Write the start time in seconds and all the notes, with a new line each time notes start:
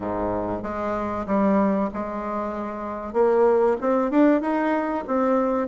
0.00 G#2
0.62 G#3
1.26 G3
1.93 G#3
3.13 A#3
3.80 C4
4.10 D4
4.41 D#4
5.07 C4